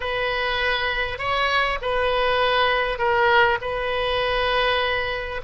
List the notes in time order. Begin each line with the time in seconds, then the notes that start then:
0.00 B4
1.18 C#5
1.81 B4
2.98 A#4
3.61 B4